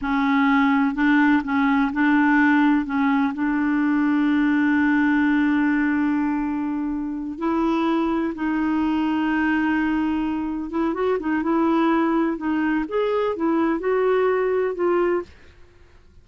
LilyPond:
\new Staff \with { instrumentName = "clarinet" } { \time 4/4 \tempo 4 = 126 cis'2 d'4 cis'4 | d'2 cis'4 d'4~ | d'1~ | d'2.~ d'8 e'8~ |
e'4. dis'2~ dis'8~ | dis'2~ dis'8 e'8 fis'8 dis'8 | e'2 dis'4 gis'4 | e'4 fis'2 f'4 | }